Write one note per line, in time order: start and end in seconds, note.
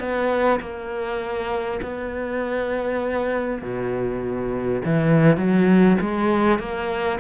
0.00 0.60 B3
0.61 1.81 A#3
1.82 3.62 B3
3.62 4.82 B2
4.85 5.37 E3
5.37 5.97 F#3
6.01 6.59 G#3
6.59 7.19 A#3